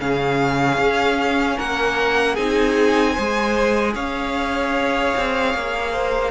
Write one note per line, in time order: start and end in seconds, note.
0.00 0.78 C#3
0.00 2.37 C#4
0.00 1.57 G#4
0.00 1.59 F5
0.78 1.57 C#4
1.57 2.38 A#3
1.57 2.35 A#4
1.57 2.36 F#5
2.35 3.17 C4
2.35 3.17 D#4
2.35 3.13 G#4
2.35 3.94 G#5
3.13 3.96 G#3
3.13 6.32 G#4
3.13 3.92 C5
3.95 5.14 C#4
3.95 5.92 C#5
3.95 6.32 F5
5.17 5.55 C4
5.55 6.32 A#3
5.92 6.32 C5